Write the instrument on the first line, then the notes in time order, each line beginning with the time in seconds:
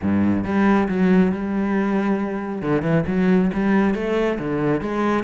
cello
0.02 G2
0.44 G3
0.88 F#3
1.32 G3
2.62 D3
2.82 E3
3.07 F#3
3.53 G3
3.94 A3
4.39 D3
4.81 G#3